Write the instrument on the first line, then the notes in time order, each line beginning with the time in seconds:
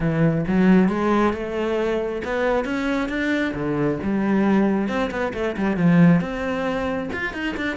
cello
0.00 E3
0.47 F#3
0.88 G#3
1.33 A3
2.24 B3
2.64 C#4
3.08 D4
3.53 D3
4.02 G3
4.88 C4
5.10 B3
5.33 A3
5.56 G3
5.76 F3
6.20 C4
7.12 F4
7.33 D#4
7.56 D4